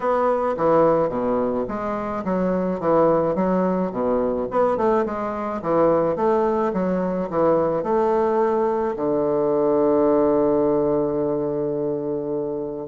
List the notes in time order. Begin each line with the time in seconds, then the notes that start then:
0.00 B3
0.57 E3
1.09 B2
1.67 G#3
2.24 F#3
2.80 E3
3.35 F#3
3.91 B2
4.50 B3
4.77 A3
5.05 G#3
5.62 E3
6.16 A3
6.73 F#3
7.29 E3
7.83 A3
8.96 D3